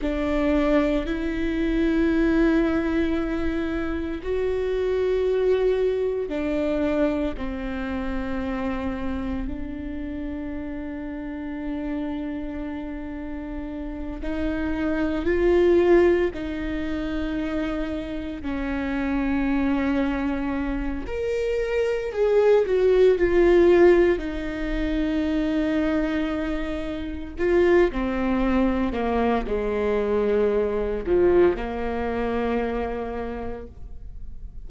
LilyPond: \new Staff \with { instrumentName = "viola" } { \time 4/4 \tempo 4 = 57 d'4 e'2. | fis'2 d'4 c'4~ | c'4 d'2.~ | d'4. dis'4 f'4 dis'8~ |
dis'4. cis'2~ cis'8 | ais'4 gis'8 fis'8 f'4 dis'4~ | dis'2 f'8 c'4 ais8 | gis4. f8 ais2 | }